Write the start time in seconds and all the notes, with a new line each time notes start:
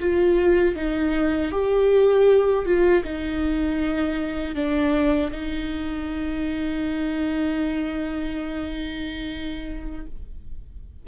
0.00 F4
0.76 D#4
1.52 G4
2.65 F4
3.04 D#4
4.55 D4
5.31 D#4